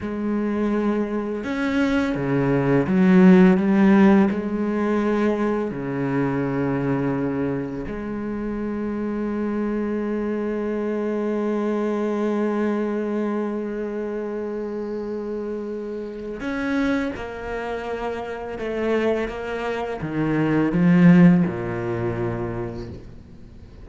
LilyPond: \new Staff \with { instrumentName = "cello" } { \time 4/4 \tempo 4 = 84 gis2 cis'4 cis4 | fis4 g4 gis2 | cis2. gis4~ | gis1~ |
gis1~ | gis2. cis'4 | ais2 a4 ais4 | dis4 f4 ais,2 | }